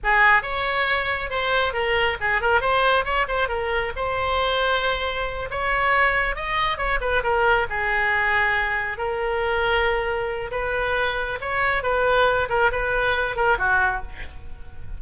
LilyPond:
\new Staff \with { instrumentName = "oboe" } { \time 4/4 \tempo 4 = 137 gis'4 cis''2 c''4 | ais'4 gis'8 ais'8 c''4 cis''8 c''8 | ais'4 c''2.~ | c''8 cis''2 dis''4 cis''8 |
b'8 ais'4 gis'2~ gis'8~ | gis'8 ais'2.~ ais'8 | b'2 cis''4 b'4~ | b'8 ais'8 b'4. ais'8 fis'4 | }